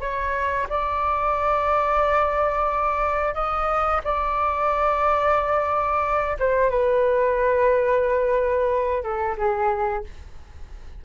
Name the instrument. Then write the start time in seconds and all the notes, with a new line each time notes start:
flute
0.00 C#5
0.69 D5
3.34 D#5
4.03 D5
6.39 C5
6.69 B4
9.03 A4
9.37 G#4